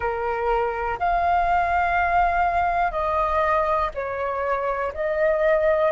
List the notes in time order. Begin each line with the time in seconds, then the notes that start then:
0.00 A#4
0.99 F5
2.92 D#5
3.94 C#5
4.93 D#5